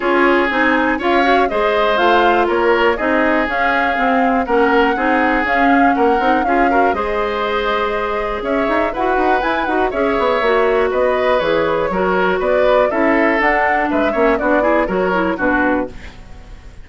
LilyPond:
<<
  \new Staff \with { instrumentName = "flute" } { \time 4/4 \tempo 4 = 121 cis''4 gis''4 f''4 dis''4 | f''4 cis''4 dis''4 f''4~ | f''4 fis''2 f''4 | fis''4 f''4 dis''2~ |
dis''4 e''4 fis''4 gis''8 fis''8 | e''2 dis''4 cis''4~ | cis''4 d''4 e''4 fis''4 | e''4 d''4 cis''4 b'4 | }
  \new Staff \with { instrumentName = "oboe" } { \time 4/4 gis'2 cis''4 c''4~ | c''4 ais'4 gis'2~ | gis'4 ais'4 gis'2 | ais'4 gis'8 ais'8 c''2~ |
c''4 cis''4 b'2 | cis''2 b'2 | ais'4 b'4 a'2 | b'8 cis''8 fis'8 gis'8 ais'4 fis'4 | }
  \new Staff \with { instrumentName = "clarinet" } { \time 4/4 f'4 dis'4 f'8 fis'8 gis'4 | f'2 dis'4 cis'4 | c'4 cis'4 dis'4 cis'4~ | cis'8 dis'8 f'8 fis'8 gis'2~ |
gis'2 fis'4 e'8 fis'8 | gis'4 fis'2 gis'4 | fis'2 e'4 d'4~ | d'8 cis'8 d'8 e'8 fis'8 e'8 d'4 | }
  \new Staff \with { instrumentName = "bassoon" } { \time 4/4 cis'4 c'4 cis'4 gis4 | a4 ais4 c'4 cis'4 | c'4 ais4 c'4 cis'4 | ais8 c'8 cis'4 gis2~ |
gis4 cis'8 dis'8 e'8 dis'8 e'8 dis'8 | cis'8 b8 ais4 b4 e4 | fis4 b4 cis'4 d'4 | gis8 ais8 b4 fis4 b,4 | }
>>